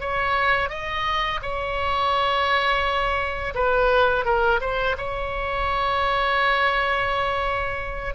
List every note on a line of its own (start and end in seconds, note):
0.00 0.69 C#5
0.69 1.40 D#5
1.42 3.54 C#5
3.55 4.25 B4
4.25 4.60 A#4
4.61 4.96 C5
4.97 8.15 C#5